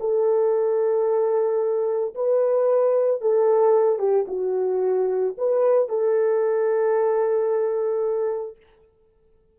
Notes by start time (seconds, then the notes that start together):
0.00 A4
2.15 B4
3.21 A4
3.99 G4
4.28 F#4
5.38 B4
5.89 A4